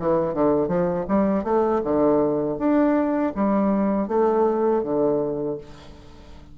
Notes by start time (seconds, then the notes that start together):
0.00 E3
0.34 D3
0.68 F3
1.08 G3
1.44 A3
1.84 D3
2.58 D4
3.35 G3
4.08 A3
4.83 D3